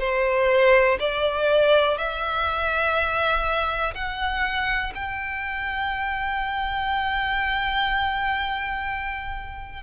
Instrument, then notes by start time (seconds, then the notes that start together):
violin
0.00 C5
1.00 D5
1.98 E5
3.95 F#5
4.95 G5